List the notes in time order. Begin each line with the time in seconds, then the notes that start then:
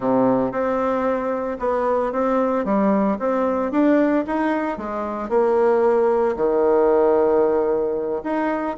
0.00 C3
0.51 C4
1.59 B3
2.12 C4
2.64 G3
3.19 C4
3.71 D4
4.26 D#4
4.77 G#3
5.29 A#3
6.36 D#3
8.23 D#4